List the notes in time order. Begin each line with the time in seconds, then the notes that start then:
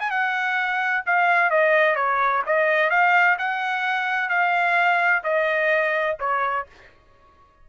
0.00 G#5
0.11 F#5
1.07 F5
1.51 D#5
1.96 C#5
2.47 D#5
2.91 F5
3.39 F#5
4.30 F5
5.24 D#5
6.20 C#5